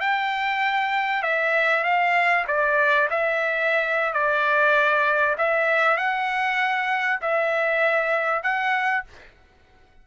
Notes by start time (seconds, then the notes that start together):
0.00 G5
1.22 E5
1.84 F5
2.47 D5
3.10 E5
4.13 D5
5.38 E5
5.97 F#5
7.21 E5
8.43 F#5